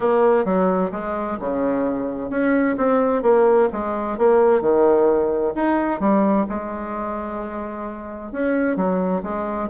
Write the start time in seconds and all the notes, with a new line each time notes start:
0.00 A#3
0.44 F#3
0.91 G#3
1.40 C#3
2.30 C#4
2.77 C4
3.22 A#3
3.72 G#3
4.17 A#3
4.61 D#3
5.55 D#4
5.99 G3
6.49 G#3
8.32 C#4
8.76 F#3
9.22 G#3